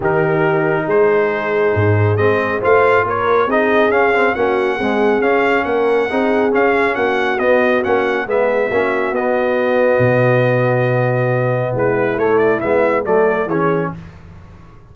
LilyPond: <<
  \new Staff \with { instrumentName = "trumpet" } { \time 4/4 \tempo 4 = 138 ais'2 c''2~ | c''4 dis''4 f''4 cis''4 | dis''4 f''4 fis''2 | f''4 fis''2 f''4 |
fis''4 dis''4 fis''4 e''4~ | e''4 dis''2.~ | dis''2. b'4 | cis''8 d''8 e''4 d''4 cis''4 | }
  \new Staff \with { instrumentName = "horn" } { \time 4/4 g'2 gis'2~ | gis'2 c''4 ais'4 | gis'2 fis'4 gis'4~ | gis'4 ais'4 gis'2 |
fis'2. gis'4 | fis'1~ | fis'2. e'4~ | e'2 a'4 gis'4 | }
  \new Staff \with { instrumentName = "trombone" } { \time 4/4 dis'1~ | dis'4 c'4 f'2 | dis'4 cis'8 c'8 cis'4 gis4 | cis'2 dis'4 cis'4~ |
cis'4 b4 cis'4 b4 | cis'4 b2.~ | b1 | a4 b4 a4 cis'4 | }
  \new Staff \with { instrumentName = "tuba" } { \time 4/4 dis2 gis2 | gis,4 gis4 a4 ais4 | c'4 cis'4 ais4 c'4 | cis'4 ais4 c'4 cis'4 |
ais4 b4 ais4 gis4 | ais4 b2 b,4~ | b,2. gis4 | a4 gis4 fis4 e4 | }
>>